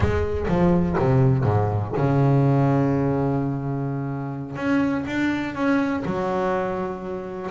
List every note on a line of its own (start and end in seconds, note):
0.00 0.46 G#3
0.48 0.96 F3
0.98 1.44 C3
1.44 1.92 G#2
1.96 4.56 C#3
4.56 5.04 C#4
5.06 5.54 D4
5.54 6.03 C#4
6.05 7.50 F#3